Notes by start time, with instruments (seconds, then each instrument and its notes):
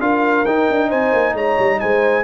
0.00 tuba D4, trombone F4, horn A#4, trumpet F5
0.45 tuba D#4, trombone D#4, trumpet G5
0.70 tuba D4
0.88 tuba C4, horn C5, trumpet G#5
1.12 tuba A#3
1.34 tuba G#3, horn C#5, trumpet A#5
1.59 tuba G3
1.80 tuba G#3, horn C5, trumpet G#5